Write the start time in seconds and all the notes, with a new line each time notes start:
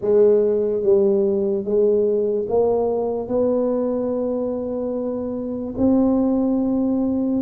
0.01 G#3
0.83 G3
1.64 G#3
2.48 A#3
3.28 B3
5.77 C4